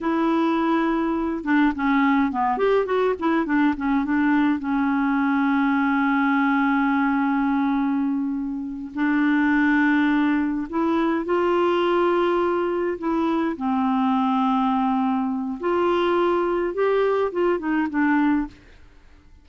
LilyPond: \new Staff \with { instrumentName = "clarinet" } { \time 4/4 \tempo 4 = 104 e'2~ e'8 d'8 cis'4 | b8 g'8 fis'8 e'8 d'8 cis'8 d'4 | cis'1~ | cis'2.~ cis'8 d'8~ |
d'2~ d'8 e'4 f'8~ | f'2~ f'8 e'4 c'8~ | c'2. f'4~ | f'4 g'4 f'8 dis'8 d'4 | }